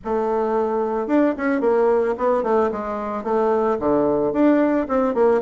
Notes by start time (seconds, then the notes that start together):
0.04 A3
1.07 D4
1.37 C#4
1.60 A#3
2.17 B3
2.43 A3
2.71 G#3
3.23 A3
3.79 D3
4.32 D4
4.88 C4
5.14 A#3